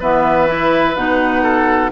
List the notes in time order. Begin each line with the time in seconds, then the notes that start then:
0.00 E3 B3 B4 E5
0.47 E4
0.95 B2 D#4 F#5
1.43 A4